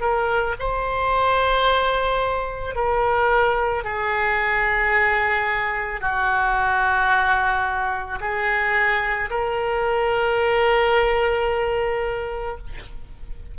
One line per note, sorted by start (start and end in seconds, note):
0.00 0.55 A#4
0.59 2.75 C5
2.75 3.84 A#4
3.84 6.00 G#4
6.00 8.19 F#4
8.20 9.29 G#4
9.30 12.57 A#4